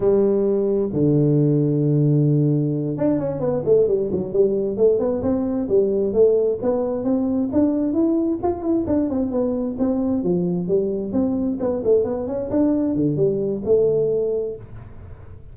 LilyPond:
\new Staff \with { instrumentName = "tuba" } { \time 4/4 \tempo 4 = 132 g2 d2~ | d2~ d8 d'8 cis'8 b8 | a8 g8 fis8 g4 a8 b8 c'8~ | c'8 g4 a4 b4 c'8~ |
c'8 d'4 e'4 f'8 e'8 d'8 | c'8 b4 c'4 f4 g8~ | g8 c'4 b8 a8 b8 cis'8 d'8~ | d'8 d8 g4 a2 | }